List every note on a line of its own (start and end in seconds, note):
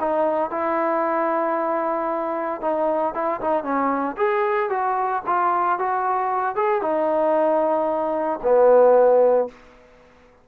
0.00 0.50 D#4
0.50 2.61 E4
2.61 3.14 D#4
3.14 3.40 E4
3.40 3.63 D#4
3.63 4.16 C#4
4.17 4.69 G#4
4.70 5.22 F#4
5.26 5.79 F4
5.79 6.56 F#4
6.56 6.82 G#4
6.82 8.39 D#4
8.43 9.48 B3